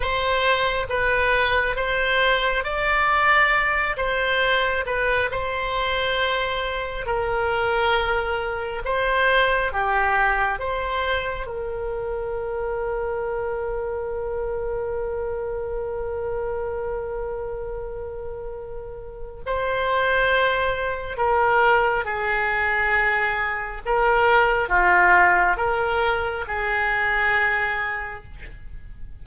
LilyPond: \new Staff \with { instrumentName = "oboe" } { \time 4/4 \tempo 4 = 68 c''4 b'4 c''4 d''4~ | d''8 c''4 b'8 c''2 | ais'2 c''4 g'4 | c''4 ais'2.~ |
ais'1~ | ais'2 c''2 | ais'4 gis'2 ais'4 | f'4 ais'4 gis'2 | }